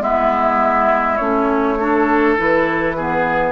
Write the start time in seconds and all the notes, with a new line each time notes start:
0.00 G#3 B3 E4 E5
1.17 A3 C#4 C#5
1.79 D4 A4
2.38 E3 E4 B4
2.97 B3 G#4